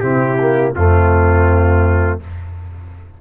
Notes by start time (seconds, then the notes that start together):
0.00 C3 C4 E4 G4
0.40 A#3
0.75 F2 A3 C4 F4